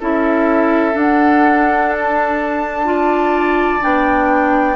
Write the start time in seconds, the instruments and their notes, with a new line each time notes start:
0.00 bassoon C#4, clarinet E4, oboe A4, flute E5
0.92 clarinet D4, bassoon D4, flute F#5
1.93 flute A5
2.85 clarinet F4, oboe D5
3.80 bassoon B3, clarinet D4, flute G5